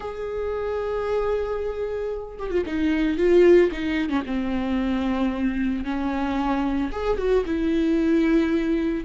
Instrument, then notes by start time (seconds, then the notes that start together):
viola
0.00 G#4
2.38 G4
2.51 F4
2.66 D#4
3.17 F4
3.71 D#4
4.09 C#4
4.26 C4
5.84 C#4
6.92 G#4
7.17 F#4
7.45 E4